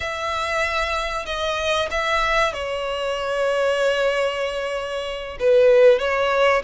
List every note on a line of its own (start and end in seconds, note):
0.00 1.25 E5
1.25 1.88 D#5
1.90 2.53 E5
2.53 5.37 C#5
5.39 5.99 B4
5.99 6.62 C#5